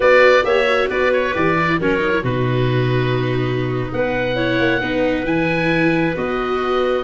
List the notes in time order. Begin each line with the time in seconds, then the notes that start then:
0.00 B3 F#4 B4 D5
0.43 A#3 G4 C#5 E5
0.67 F#4
0.88 B3 B4 D5
1.13 C#5
1.32 E3 G4 D5
1.58 E4
1.79 F#3 C#4 A#4 C#5
1.99 D#4
2.10 E4
2.22 B2 D#4 F#4 B4
3.91 B3 B4 F#5
4.35 E4 C#5
4.59 A#3
4.80 B3 D#4 B4
5.24 E3 E4 G#5
6.14 B3 F#4 D#5